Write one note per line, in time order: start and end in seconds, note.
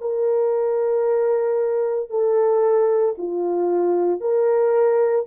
0.00 2.10 A#4
2.10 3.15 A4
3.18 4.21 F4
4.21 5.26 A#4